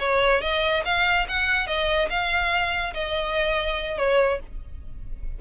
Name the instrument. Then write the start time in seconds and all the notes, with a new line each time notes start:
violin
0.00 C#5
0.42 D#5
0.85 F5
1.29 F#5
1.67 D#5
2.10 F5
2.94 D#5
3.98 C#5